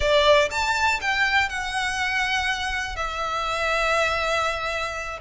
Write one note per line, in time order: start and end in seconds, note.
0.00 0.49 D5
0.50 1.00 A5
1.01 1.49 G5
1.49 2.96 F#5
2.96 5.19 E5